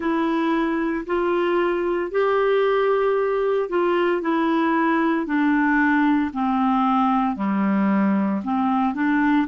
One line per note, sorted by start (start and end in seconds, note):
0.00 1.05 E4
1.06 2.11 F4
2.11 3.68 G4
3.68 4.21 F4
4.21 5.25 E4
5.25 6.31 D4
6.33 7.36 C4
7.36 8.41 G3
8.44 8.94 C4
8.94 9.47 D4